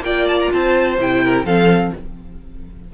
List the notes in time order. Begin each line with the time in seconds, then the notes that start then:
0.00 A#3 F4 D5 G5
0.28 A5
0.40 A#5
0.52 C4 C5 A5
0.99 C3 E4 G5
1.24 A#4
1.45 F3 C4 A4 F5